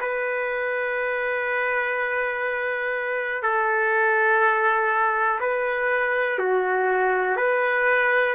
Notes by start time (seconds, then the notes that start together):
0.00 B4
3.42 A4
5.40 B4
6.38 F#4
7.36 B4